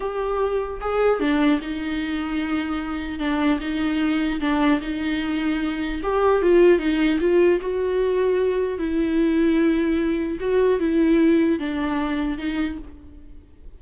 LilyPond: \new Staff \with { instrumentName = "viola" } { \time 4/4 \tempo 4 = 150 g'2 gis'4 d'4 | dis'1 | d'4 dis'2 d'4 | dis'2. g'4 |
f'4 dis'4 f'4 fis'4~ | fis'2 e'2~ | e'2 fis'4 e'4~ | e'4 d'2 dis'4 | }